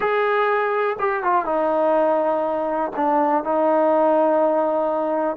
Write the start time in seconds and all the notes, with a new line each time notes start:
0.00 G#4
0.99 G4
1.23 F4
1.45 D#4
2.95 D4
3.43 D#4